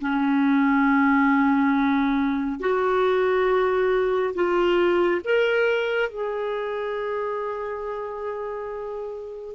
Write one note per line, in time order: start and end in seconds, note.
0.00 2.60 C#4
2.60 4.34 F#4
4.34 5.21 F4
5.24 6.09 A#4
6.09 9.55 G#4